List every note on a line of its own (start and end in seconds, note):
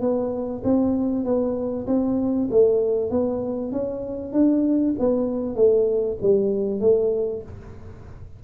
0.00 0.62 B3
0.64 1.24 C4
1.24 1.86 B3
1.86 2.48 C4
2.51 3.10 A3
3.10 3.72 B3
3.72 4.33 C#4
4.33 4.94 D4
4.99 5.55 B3
5.55 6.17 A3
6.21 6.80 G3
6.80 7.42 A3